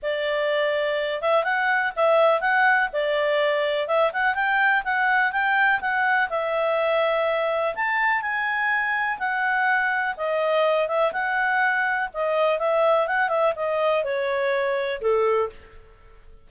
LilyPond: \new Staff \with { instrumentName = "clarinet" } { \time 4/4 \tempo 4 = 124 d''2~ d''8 e''8 fis''4 | e''4 fis''4 d''2 | e''8 fis''8 g''4 fis''4 g''4 | fis''4 e''2. |
a''4 gis''2 fis''4~ | fis''4 dis''4. e''8 fis''4~ | fis''4 dis''4 e''4 fis''8 e''8 | dis''4 cis''2 a'4 | }